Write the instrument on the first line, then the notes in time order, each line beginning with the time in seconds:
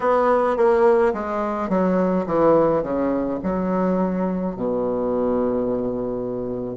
bassoon
0.00 B3
0.57 A#3
1.13 G#3
1.69 F#3
2.26 E3
2.83 C#3
3.43 F#3
4.55 B2